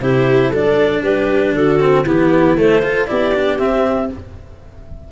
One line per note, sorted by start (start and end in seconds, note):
0.00 0.51 C3
0.00 0.53 E4
0.00 0.49 G4
0.00 0.52 C5
0.49 1.02 F#3
0.49 1.79 D4
0.49 1.00 A4
0.49 1.03 D5
1.02 1.53 G3
1.02 1.54 G4
1.02 1.54 B4
1.53 2.04 D3
1.53 2.04 F#4
1.53 2.06 A4
1.79 2.05 C4
2.04 2.56 E3
2.04 2.57 B3
2.04 2.81 E4
2.04 2.57 G4
2.56 3.07 A3
2.56 2.82 A3
2.56 3.06 C5
2.82 3.07 F4
2.82 3.09 A4
3.06 3.59 B3
3.06 3.32 E4
3.06 4.11 G4
3.06 3.57 D5
3.34 3.58 D4
3.58 4.09 C4
3.58 4.10 C4
3.58 4.09 E5